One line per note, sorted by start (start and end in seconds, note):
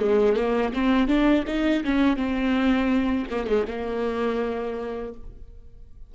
0.00 0.37 G#3
0.37 0.73 A#3
0.74 1.08 C4
1.08 1.45 D4
1.47 1.84 D#4
1.85 2.17 C#4
2.17 3.27 C4
3.31 3.47 A#3
3.47 3.66 G#3
3.68 5.14 A#3